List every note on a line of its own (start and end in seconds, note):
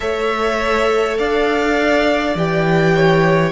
0.00 1.18 A3
0.00 2.35 A4
0.00 1.18 C#5
0.00 1.17 E5
1.18 2.35 D4
1.18 2.94 D5
1.18 2.36 F5
2.35 3.52 E3
2.35 3.52 G4
2.35 3.52 G5
2.95 3.52 C#5